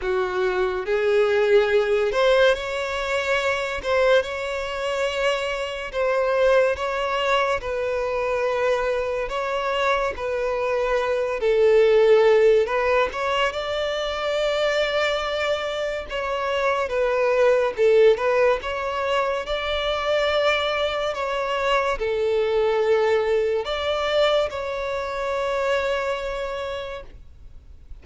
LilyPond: \new Staff \with { instrumentName = "violin" } { \time 4/4 \tempo 4 = 71 fis'4 gis'4. c''8 cis''4~ | cis''8 c''8 cis''2 c''4 | cis''4 b'2 cis''4 | b'4. a'4. b'8 cis''8 |
d''2. cis''4 | b'4 a'8 b'8 cis''4 d''4~ | d''4 cis''4 a'2 | d''4 cis''2. | }